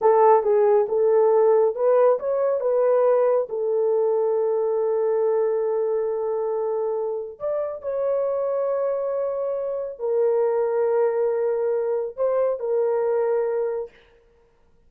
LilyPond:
\new Staff \with { instrumentName = "horn" } { \time 4/4 \tempo 4 = 138 a'4 gis'4 a'2 | b'4 cis''4 b'2 | a'1~ | a'1~ |
a'4 d''4 cis''2~ | cis''2. ais'4~ | ais'1 | c''4 ais'2. | }